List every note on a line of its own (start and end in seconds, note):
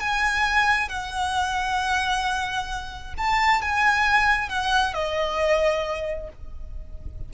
0.00 0.89 G#5
0.89 3.14 F#5
3.17 3.62 A5
3.62 4.49 G#5
4.49 4.94 F#5
4.94 6.29 D#5